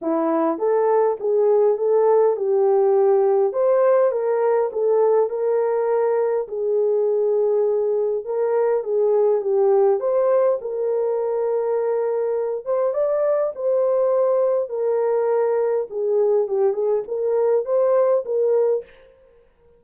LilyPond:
\new Staff \with { instrumentName = "horn" } { \time 4/4 \tempo 4 = 102 e'4 a'4 gis'4 a'4 | g'2 c''4 ais'4 | a'4 ais'2 gis'4~ | gis'2 ais'4 gis'4 |
g'4 c''4 ais'2~ | ais'4. c''8 d''4 c''4~ | c''4 ais'2 gis'4 | g'8 gis'8 ais'4 c''4 ais'4 | }